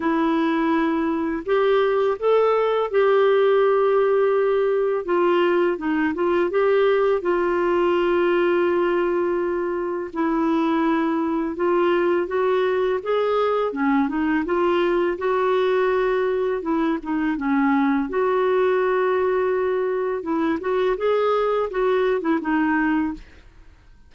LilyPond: \new Staff \with { instrumentName = "clarinet" } { \time 4/4 \tempo 4 = 83 e'2 g'4 a'4 | g'2. f'4 | dis'8 f'8 g'4 f'2~ | f'2 e'2 |
f'4 fis'4 gis'4 cis'8 dis'8 | f'4 fis'2 e'8 dis'8 | cis'4 fis'2. | e'8 fis'8 gis'4 fis'8. e'16 dis'4 | }